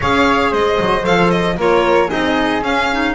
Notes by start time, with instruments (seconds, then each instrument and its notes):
0.00 double bass C#4, clarinet G#4, flute C#5, violin F5
0.49 double bass G#3, flute C5, violin D#5
0.80 double bass F#3
1.02 double bass F3, clarinet A4, violin F5
1.30 violin D#5
1.56 double bass A#3, clarinet F4, flute A#4, violin C#5
2.07 double bass C4, clarinet D#4, flute G#4, violin D#5
2.61 double bass C#4, clarinet C#4, violin F5
2.91 clarinet D#4